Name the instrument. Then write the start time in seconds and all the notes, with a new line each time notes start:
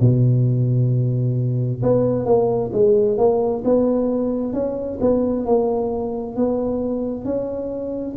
tuba
0.00 B2
1.83 B3
2.25 A#3
2.73 G#3
3.17 A#3
3.64 B3
4.53 C#4
5.00 B3
5.45 A#3
6.36 B3
7.24 C#4